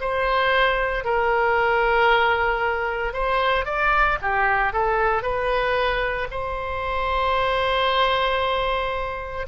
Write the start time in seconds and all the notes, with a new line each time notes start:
0.00 C5
1.04 A#4
3.13 C5
3.65 D5
4.22 G4
4.73 A4
5.22 B4
6.31 C5